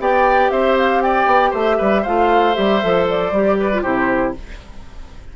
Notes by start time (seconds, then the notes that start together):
0.00 B3 G4 D5 G5
0.51 C4 C5 E5
0.79 F5
1.02 D5 G5
1.26 B3
1.51 A3 C5 E5
1.79 G3 B4
2.03 A3 F4 C5 F5
2.55 G3 G4 E5
2.82 F3 A4
3.10 D5
3.32 G3 G4
3.60 B4
3.73 F4
3.82 C3 E4 G4 C5